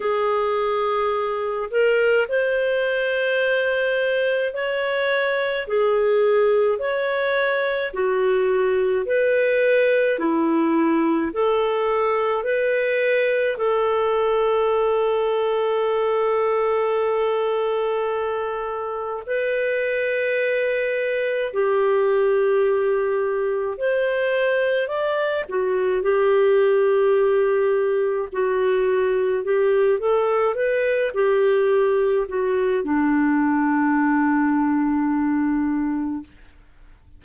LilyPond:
\new Staff \with { instrumentName = "clarinet" } { \time 4/4 \tempo 4 = 53 gis'4. ais'8 c''2 | cis''4 gis'4 cis''4 fis'4 | b'4 e'4 a'4 b'4 | a'1~ |
a'4 b'2 g'4~ | g'4 c''4 d''8 fis'8 g'4~ | g'4 fis'4 g'8 a'8 b'8 g'8~ | g'8 fis'8 d'2. | }